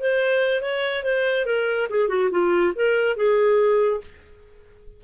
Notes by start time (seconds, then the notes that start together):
0.00 C5
0.61 C#5
1.04 C5
1.46 A#4
1.89 G#4
2.08 F#4
2.31 F4
2.75 A#4
3.16 G#4